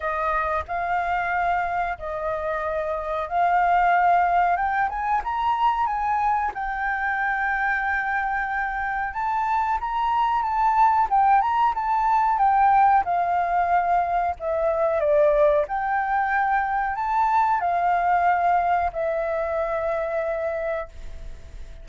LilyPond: \new Staff \with { instrumentName = "flute" } { \time 4/4 \tempo 4 = 92 dis''4 f''2 dis''4~ | dis''4 f''2 g''8 gis''8 | ais''4 gis''4 g''2~ | g''2 a''4 ais''4 |
a''4 g''8 ais''8 a''4 g''4 | f''2 e''4 d''4 | g''2 a''4 f''4~ | f''4 e''2. | }